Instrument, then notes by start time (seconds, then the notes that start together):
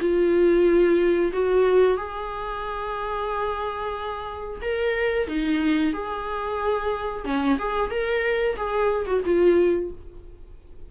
viola
0.00 F4
1.33 F#4
1.97 G#4
4.62 A#4
5.28 D#4
5.93 G#4
7.25 C#4
7.59 G#4
7.90 A#4
8.57 G#4
9.07 F#4
9.25 F4